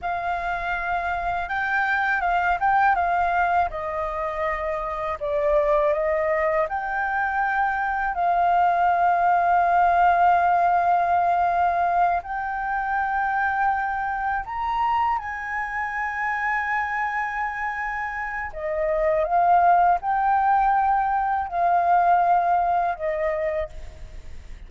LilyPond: \new Staff \with { instrumentName = "flute" } { \time 4/4 \tempo 4 = 81 f''2 g''4 f''8 g''8 | f''4 dis''2 d''4 | dis''4 g''2 f''4~ | f''1~ |
f''8 g''2. ais''8~ | ais''8 gis''2.~ gis''8~ | gis''4 dis''4 f''4 g''4~ | g''4 f''2 dis''4 | }